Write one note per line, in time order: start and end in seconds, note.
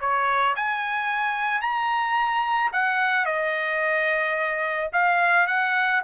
0.00 0.55 C#5
0.56 1.61 G#5
1.61 2.71 A#5
2.73 3.25 F#5
3.25 4.90 D#5
4.93 5.47 F5
5.47 6.02 F#5